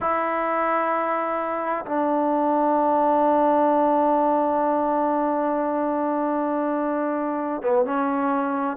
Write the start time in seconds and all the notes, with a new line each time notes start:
0.00 E4
1.85 D4
7.62 B3
7.85 C#4